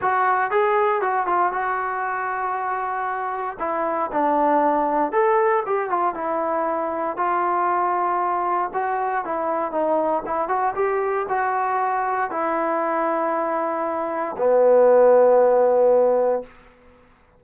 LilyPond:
\new Staff \with { instrumentName = "trombone" } { \time 4/4 \tempo 4 = 117 fis'4 gis'4 fis'8 f'8 fis'4~ | fis'2. e'4 | d'2 a'4 g'8 f'8 | e'2 f'2~ |
f'4 fis'4 e'4 dis'4 | e'8 fis'8 g'4 fis'2 | e'1 | b1 | }